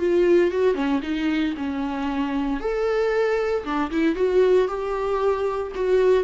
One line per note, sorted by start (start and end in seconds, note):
0.00 0.51 F4
0.51 0.75 F#4
0.75 1.01 C#4
1.03 1.55 D#4
1.57 2.61 C#4
2.61 3.65 A4
3.65 3.91 D4
3.91 4.16 E4
4.16 4.68 F#4
4.68 5.73 G4
5.75 6.24 F#4